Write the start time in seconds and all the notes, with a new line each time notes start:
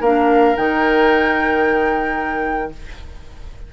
0.00 A#3 D4 A#4 F5
0.56 D#3 D#4 G5